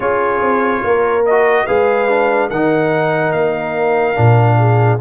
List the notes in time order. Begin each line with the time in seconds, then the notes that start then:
0.00 C#4 F4 G#4 C#5
0.41 C4
0.83 A#3 A#4
1.25 F#4 D#5
1.65 G#3 G#4 B4 F5
2.08 D4
2.49 D#3 D#4 A#4 F#5
3.32 A#3 F5
4.15 A#2 D4
4.58 G#4